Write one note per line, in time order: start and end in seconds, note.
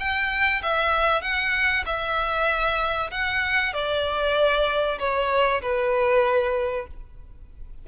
0.00 0.62 G5
0.63 1.22 E5
1.22 1.85 F#5
1.86 3.11 E5
3.12 3.74 F#5
3.74 4.99 D5
4.99 5.62 C#5
5.62 6.87 B4